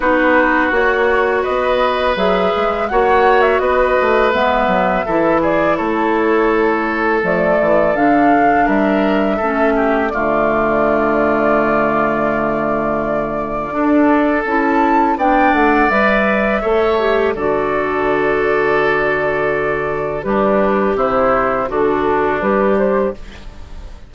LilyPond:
<<
  \new Staff \with { instrumentName = "flute" } { \time 4/4 \tempo 4 = 83 b'4 cis''4 dis''4 e''4 | fis''8. e''16 dis''4 e''4. d''8 | cis''2 d''4 f''4 | e''2 d''2~ |
d''1 | a''4 g''8 fis''8 e''2 | d''1 | b'4 c''4 a'4 b'8 c''8 | }
  \new Staff \with { instrumentName = "oboe" } { \time 4/4 fis'2 b'2 | cis''4 b'2 a'8 gis'8 | a'1 | ais'4 a'8 g'8 f'2~ |
f'2. a'4~ | a'4 d''2 cis''4 | a'1 | d'4 e'4 d'2 | }
  \new Staff \with { instrumentName = "clarinet" } { \time 4/4 dis'4 fis'2 gis'4 | fis'2 b4 e'4~ | e'2 a4 d'4~ | d'4 cis'4 a2~ |
a2. d'4 | e'4 d'4 b'4 a'8 g'8 | fis'1 | g'2 fis'4 g'4 | }
  \new Staff \with { instrumentName = "bassoon" } { \time 4/4 b4 ais4 b4 fis8 gis8 | ais4 b8 a8 gis8 fis8 e4 | a2 f8 e8 d4 | g4 a4 d2~ |
d2. d'4 | cis'4 b8 a8 g4 a4 | d1 | g4 c4 d4 g4 | }
>>